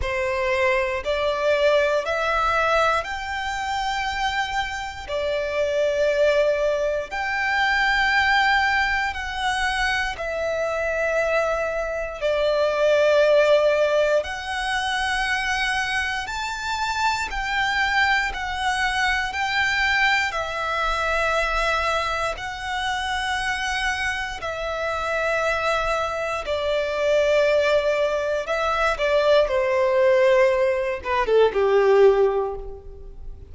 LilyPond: \new Staff \with { instrumentName = "violin" } { \time 4/4 \tempo 4 = 59 c''4 d''4 e''4 g''4~ | g''4 d''2 g''4~ | g''4 fis''4 e''2 | d''2 fis''2 |
a''4 g''4 fis''4 g''4 | e''2 fis''2 | e''2 d''2 | e''8 d''8 c''4. b'16 a'16 g'4 | }